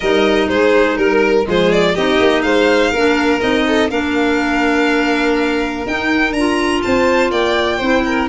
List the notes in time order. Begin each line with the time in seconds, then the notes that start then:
0.00 G3 D#4 A#4 D#5
0.48 G#3 G#4 C5
0.97 G3 A#4
1.43 F3 G#3 G#4
1.50 C5
1.71 D5
1.94 C4 D#4 G4 D#5
2.19 A#3
2.42 G#3 C5 F5
2.90 A#3 D4 A#4
3.40 C4 D#4 D#5
3.66 A4
3.90 A#3 D4 A#4 F5
5.86 D#4 G5
6.32 D4 F4 A#5
6.82 C4 C5 A5
7.31 A#3 D5 G5
7.77 C4 E4 C5
8.05 A#4